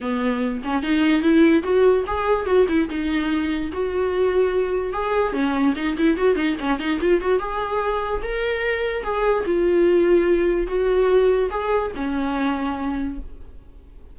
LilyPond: \new Staff \with { instrumentName = "viola" } { \time 4/4 \tempo 4 = 146 b4. cis'8 dis'4 e'4 | fis'4 gis'4 fis'8 e'8 dis'4~ | dis'4 fis'2. | gis'4 cis'4 dis'8 e'8 fis'8 dis'8 |
cis'8 dis'8 f'8 fis'8 gis'2 | ais'2 gis'4 f'4~ | f'2 fis'2 | gis'4 cis'2. | }